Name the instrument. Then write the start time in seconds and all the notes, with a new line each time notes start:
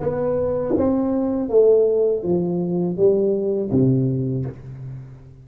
tuba
0.00 B3
0.77 C4
1.49 A3
2.23 F3
2.97 G3
3.71 C3